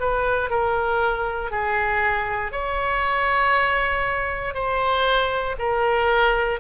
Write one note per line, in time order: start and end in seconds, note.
0.00 0.50 B4
0.50 1.51 A#4
1.51 2.52 G#4
2.52 4.54 C#5
4.54 5.56 C5
5.59 6.60 A#4